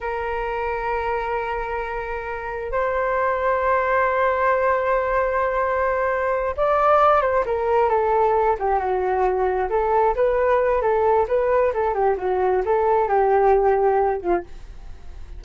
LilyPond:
\new Staff \with { instrumentName = "flute" } { \time 4/4 \tempo 4 = 133 ais'1~ | ais'2 c''2~ | c''1~ | c''2~ c''8 d''4. |
c''8 ais'4 a'4. g'8 fis'8~ | fis'4. a'4 b'4. | a'4 b'4 a'8 g'8 fis'4 | a'4 g'2~ g'8 f'8 | }